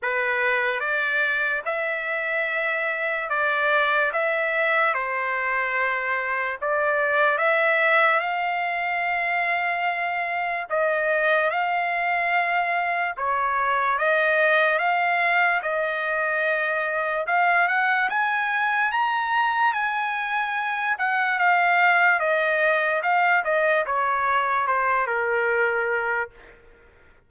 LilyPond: \new Staff \with { instrumentName = "trumpet" } { \time 4/4 \tempo 4 = 73 b'4 d''4 e''2 | d''4 e''4 c''2 | d''4 e''4 f''2~ | f''4 dis''4 f''2 |
cis''4 dis''4 f''4 dis''4~ | dis''4 f''8 fis''8 gis''4 ais''4 | gis''4. fis''8 f''4 dis''4 | f''8 dis''8 cis''4 c''8 ais'4. | }